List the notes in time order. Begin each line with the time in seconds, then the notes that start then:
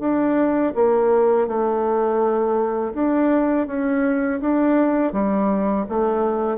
0.00 D4
0.75 A#3
1.47 A3
2.94 D4
3.67 C#4
4.41 D4
5.13 G3
5.89 A3